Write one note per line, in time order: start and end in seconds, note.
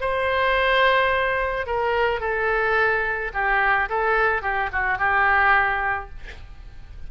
0.00 1.66 C5
1.66 2.20 A#4
2.20 3.31 A4
3.33 3.89 G4
3.89 4.42 A4
4.42 4.69 G4
4.72 4.98 F#4
4.98 6.09 G4